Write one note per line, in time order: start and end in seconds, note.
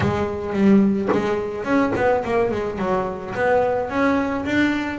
0.00 0.53 G#3
0.53 1.08 G3
1.12 1.64 G#3
1.64 1.92 C#4
1.95 2.23 B3
2.24 2.51 A#3
2.51 2.78 G#3
2.78 3.33 F#3
3.34 3.89 B3
3.89 4.44 C#4
4.45 4.98 D4